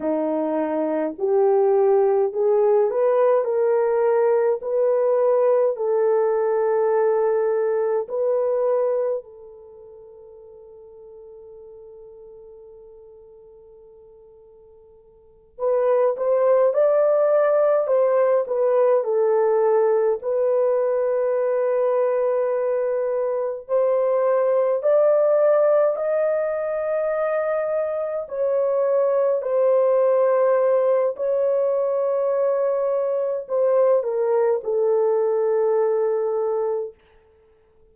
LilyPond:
\new Staff \with { instrumentName = "horn" } { \time 4/4 \tempo 4 = 52 dis'4 g'4 gis'8 b'8 ais'4 | b'4 a'2 b'4 | a'1~ | a'4. b'8 c''8 d''4 c''8 |
b'8 a'4 b'2~ b'8~ | b'8 c''4 d''4 dis''4.~ | dis''8 cis''4 c''4. cis''4~ | cis''4 c''8 ais'8 a'2 | }